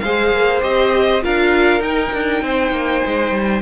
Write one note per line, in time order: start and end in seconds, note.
0.00 0.32 G#3
0.00 0.62 G#4
0.00 1.23 C5
0.00 0.60 F5
0.32 0.62 A#3
0.62 1.23 C4
0.62 1.22 G4
0.62 1.23 D#5
1.22 1.81 D4
1.22 1.82 F4
1.22 2.44 A#4
1.22 1.82 F5
1.81 2.11 D#4
1.81 3.62 D#4
1.81 3.62 G5
2.13 2.43 D4
2.43 2.71 C4
2.43 3.62 C5
2.71 3.01 A#3
3.06 3.31 G#3
3.31 3.61 G3